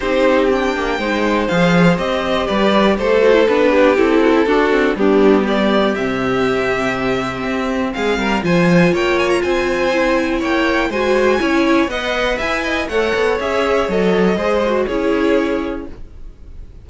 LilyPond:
<<
  \new Staff \with { instrumentName = "violin" } { \time 4/4 \tempo 4 = 121 c''4 g''2 f''4 | dis''4 d''4 c''4 b'4 | a'2 g'4 d''4 | e''1 |
f''4 gis''4 g''8 gis''16 ais''16 gis''4~ | gis''4 g''4 gis''2 | fis''4 gis''4 fis''4 e''4 | dis''2 cis''2 | }
  \new Staff \with { instrumentName = "violin" } { \time 4/4 g'2 c''2~ | c''4 b'4 a'4. g'8~ | g'8 fis'16 e'16 fis'4 d'4 g'4~ | g'1 |
gis'8 ais'8 c''4 cis''4 c''4~ | c''4 cis''4 c''4 cis''4 | dis''4 e''8 dis''8 cis''2~ | cis''4 c''4 gis'2 | }
  \new Staff \with { instrumentName = "viola" } { \time 4/4 dis'4 d'4 dis'4 gis'4 | g'2~ g'8 fis'16 e'16 d'4 | e'4 d'8 c'8 b2 | c'1~ |
c'4 f'2. | e'2 fis'4 e'4 | b'2 a'4 gis'4 | a'4 gis'8 fis'8 e'2 | }
  \new Staff \with { instrumentName = "cello" } { \time 4/4 c'4. ais8 gis4 f4 | c'4 g4 a4 b4 | c'4 d'4 g2 | c2. c'4 |
gis8 g8 f4 ais4 c'4~ | c'4 ais4 gis4 cis'4 | b4 e'4 a8 b8 cis'4 | fis4 gis4 cis'2 | }
>>